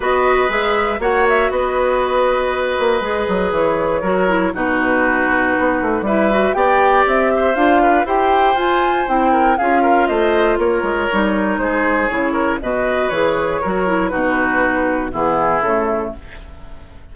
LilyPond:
<<
  \new Staff \with { instrumentName = "flute" } { \time 4/4 \tempo 4 = 119 dis''4 e''4 fis''8 e''8 dis''4~ | dis''2. cis''4~ | cis''4 b'2. | e''4 g''4 e''4 f''4 |
g''4 gis''4 g''4 f''4 | dis''4 cis''2 c''4 | cis''4 dis''4 cis''2 | b'2 gis'4 a'4 | }
  \new Staff \with { instrumentName = "oboe" } { \time 4/4 b'2 cis''4 b'4~ | b'1 | ais'4 fis'2. | b'4 d''4. c''4 b'8 |
c''2~ c''8 ais'8 gis'8 ais'8 | c''4 ais'2 gis'4~ | gis'8 ais'8 b'2 ais'4 | fis'2 e'2 | }
  \new Staff \with { instrumentName = "clarinet" } { \time 4/4 fis'4 gis'4 fis'2~ | fis'2 gis'2 | fis'8 e'8 dis'2. | e'8 fis'8 g'2 f'4 |
g'4 f'4 e'4 f'4~ | f'2 dis'2 | e'4 fis'4 gis'4 fis'8 e'8 | dis'2 b4 a4 | }
  \new Staff \with { instrumentName = "bassoon" } { \time 4/4 b4 gis4 ais4 b4~ | b4. ais8 gis8 fis8 e4 | fis4 b,2 b8 a8 | g4 b4 c'4 d'4 |
e'4 f'4 c'4 cis'4 | a4 ais8 gis8 g4 gis4 | cis4 b,4 e4 fis4 | b,2 e4 cis4 | }
>>